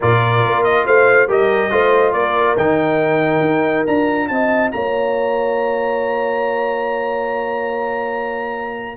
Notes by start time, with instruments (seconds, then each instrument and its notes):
0.00 tuba A#2, trombone F4, horn A#4, trumpet D5
0.45 tuba A#3
0.64 trumpet D#5
0.85 tuba A3, horn C5, trumpet F5
1.28 tuba G3, trombone G4, horn A#4, trumpet D#5
1.71 tuba A3, trombone F4, horn C5
2.12 tuba A#3, horn A#4, trumpet D5
2.57 tuba D#3, trombone D#4, trumpet G5
3.40 tuba D#4
3.86 tuba D4, trombone F4, trumpet A#5
4.28 tuba C4, horn D#5, trumpet A5
4.71 tuba A#3, horn C#5, trumpet A#5